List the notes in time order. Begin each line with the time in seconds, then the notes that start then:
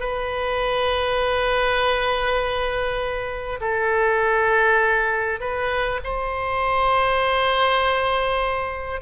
0.00 B4
3.61 A4
5.41 B4
6.04 C5